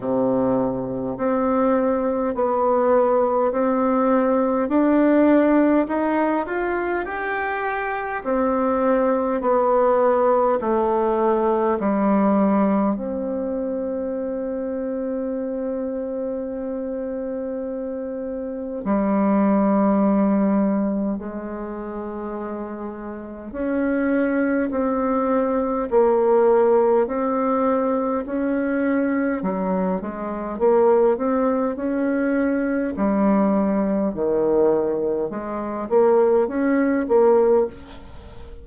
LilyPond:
\new Staff \with { instrumentName = "bassoon" } { \time 4/4 \tempo 4 = 51 c4 c'4 b4 c'4 | d'4 dis'8 f'8 g'4 c'4 | b4 a4 g4 c'4~ | c'1 |
g2 gis2 | cis'4 c'4 ais4 c'4 | cis'4 fis8 gis8 ais8 c'8 cis'4 | g4 dis4 gis8 ais8 cis'8 ais8 | }